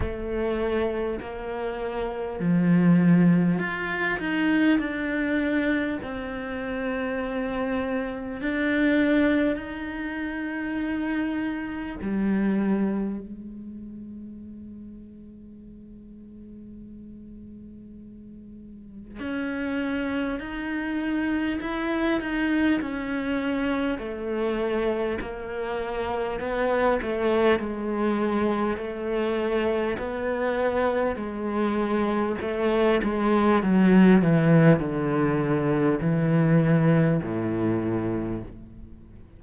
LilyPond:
\new Staff \with { instrumentName = "cello" } { \time 4/4 \tempo 4 = 50 a4 ais4 f4 f'8 dis'8 | d'4 c'2 d'4 | dis'2 g4 gis4~ | gis1 |
cis'4 dis'4 e'8 dis'8 cis'4 | a4 ais4 b8 a8 gis4 | a4 b4 gis4 a8 gis8 | fis8 e8 d4 e4 a,4 | }